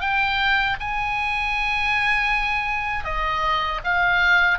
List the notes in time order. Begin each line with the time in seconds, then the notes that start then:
0.00 G5
0.80 G#5
3.04 D#5
3.84 F5